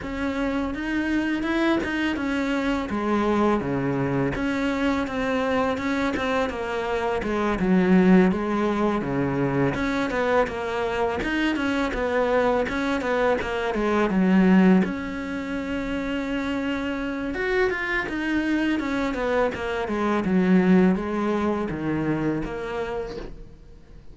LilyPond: \new Staff \with { instrumentName = "cello" } { \time 4/4 \tempo 4 = 83 cis'4 dis'4 e'8 dis'8 cis'4 | gis4 cis4 cis'4 c'4 | cis'8 c'8 ais4 gis8 fis4 gis8~ | gis8 cis4 cis'8 b8 ais4 dis'8 |
cis'8 b4 cis'8 b8 ais8 gis8 fis8~ | fis8 cis'2.~ cis'8 | fis'8 f'8 dis'4 cis'8 b8 ais8 gis8 | fis4 gis4 dis4 ais4 | }